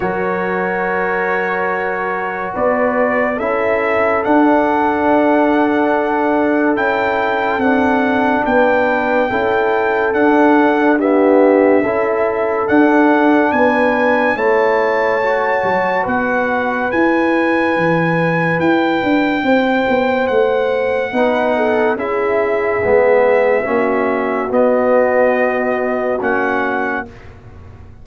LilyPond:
<<
  \new Staff \with { instrumentName = "trumpet" } { \time 4/4 \tempo 4 = 71 cis''2. d''4 | e''4 fis''2. | g''4 fis''4 g''2 | fis''4 e''2 fis''4 |
gis''4 a''2 fis''4 | gis''2 g''2 | fis''2 e''2~ | e''4 dis''2 fis''4 | }
  \new Staff \with { instrumentName = "horn" } { \time 4/4 ais'2. b'4 | a'1~ | a'2 b'4 a'4~ | a'4 g'4 a'2 |
b'4 cis''2 b'4~ | b'2. c''4~ | c''4 b'8 a'8 gis'2 | fis'1 | }
  \new Staff \with { instrumentName = "trombone" } { \time 4/4 fis'1 | e'4 d'2. | e'4 d'2 e'4 | d'4 b4 e'4 d'4~ |
d'4 e'4 fis'2 | e'1~ | e'4 dis'4 e'4 b4 | cis'4 b2 cis'4 | }
  \new Staff \with { instrumentName = "tuba" } { \time 4/4 fis2. b4 | cis'4 d'2. | cis'4 c'4 b4 cis'4 | d'2 cis'4 d'4 |
b4 a4. fis8 b4 | e'4 e4 e'8 d'8 c'8 b8 | a4 b4 cis'4 gis4 | ais4 b2 ais4 | }
>>